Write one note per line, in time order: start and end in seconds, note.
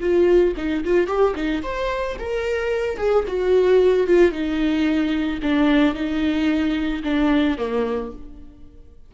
0.00 0.54 F4
0.57 0.84 D#4
0.84 1.07 F4
1.07 1.34 G4
1.35 1.62 D#4
1.62 2.16 C5
2.19 2.97 A#4
2.97 3.24 G#4
3.27 4.06 F#4
4.06 4.31 F4
4.31 5.39 D#4
5.42 5.94 D4
5.94 7.02 D#4
7.03 7.57 D4
7.57 8.11 A#3